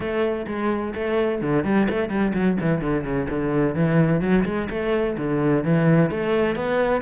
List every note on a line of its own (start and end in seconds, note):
0.00 0.45 A3
0.47 0.94 G#3
0.94 1.41 A3
1.41 1.64 D3
1.64 1.87 G3
1.89 2.09 A3
2.09 2.32 G3
2.34 2.57 F#3
2.60 2.81 E3
2.81 3.04 D3
3.04 3.27 C#3
3.29 3.74 D3
3.74 4.20 E3
4.20 4.44 F#3
4.44 4.68 G#3
4.69 5.16 A3
5.17 5.64 D3
5.64 6.10 E3
6.10 6.55 A3
6.55 7.01 B3